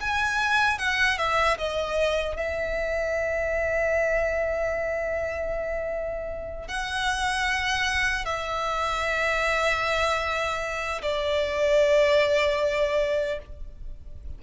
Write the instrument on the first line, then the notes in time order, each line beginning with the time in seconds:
violin
0.00 G#5
0.78 F#5
1.18 E5
1.58 D#5
2.36 E5
6.68 F#5
8.25 E5
11.02 D5